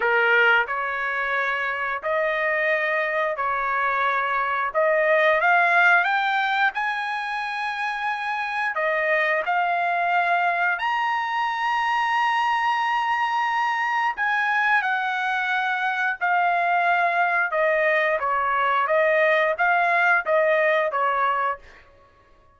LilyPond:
\new Staff \with { instrumentName = "trumpet" } { \time 4/4 \tempo 4 = 89 ais'4 cis''2 dis''4~ | dis''4 cis''2 dis''4 | f''4 g''4 gis''2~ | gis''4 dis''4 f''2 |
ais''1~ | ais''4 gis''4 fis''2 | f''2 dis''4 cis''4 | dis''4 f''4 dis''4 cis''4 | }